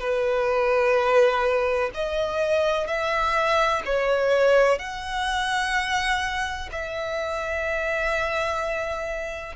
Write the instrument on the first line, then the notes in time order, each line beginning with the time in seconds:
violin
0.00 B4
1.94 D#5
2.87 E5
3.86 C#5
4.79 F#5
6.72 E5